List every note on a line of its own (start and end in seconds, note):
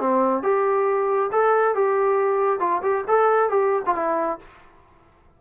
0.00 0.43 C4
0.43 1.30 G4
1.32 1.75 A4
1.75 2.60 G4
2.60 2.81 F4
2.82 3.04 G4
3.08 3.50 A4
3.50 3.82 G4
3.86 3.95 F4
3.95 4.39 E4